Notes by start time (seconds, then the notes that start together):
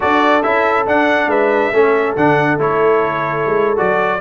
0.00 D4 F#4 A4 D5
0.42 C#4 E4 E5
0.86 D4 F#5
1.26 G#3 B4 E5
1.73 A3 C#4 A4
2.16 D3 D4 F#5
2.58 A3 E4 C#5
3.46 G#3
3.76 F#3 F#4 D5